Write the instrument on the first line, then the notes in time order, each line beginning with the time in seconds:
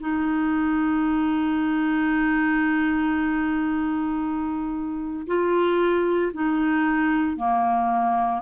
clarinet
0.00 D#4
5.27 F4
6.33 D#4
7.36 A#3